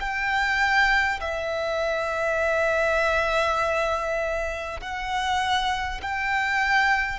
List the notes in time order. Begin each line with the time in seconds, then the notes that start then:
0.00 G5
1.21 E5
4.81 F#5
6.02 G5